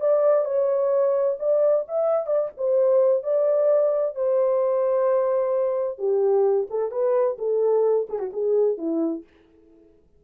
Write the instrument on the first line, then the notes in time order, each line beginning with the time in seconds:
horn
0.00 D5
0.45 C#5
1.39 D5
1.88 E5
2.26 D5
2.57 C5
3.23 D5
4.15 C5
5.98 G4
6.70 A4
6.91 B4
7.38 A4
8.09 G#4
8.19 F#4
8.33 G#4
8.77 E4